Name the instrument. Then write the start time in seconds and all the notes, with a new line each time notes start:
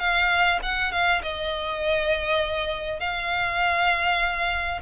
violin
0.00 F5
0.63 F#5
0.92 F5
1.23 D#5
3.00 F5